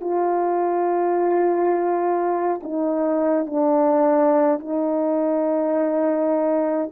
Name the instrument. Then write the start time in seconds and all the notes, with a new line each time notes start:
horn
0.00 F4
2.63 D#4
3.46 D4
4.59 D#4